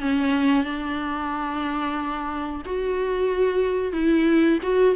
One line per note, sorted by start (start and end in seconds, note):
0.00 0.64 C#4
0.64 2.62 D4
2.65 3.92 F#4
3.92 4.58 E4
4.62 4.95 F#4